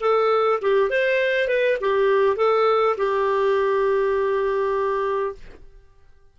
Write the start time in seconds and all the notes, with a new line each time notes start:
0.00 A4
0.62 G4
0.90 C5
1.48 B4
1.80 G4
2.36 A4
2.97 G4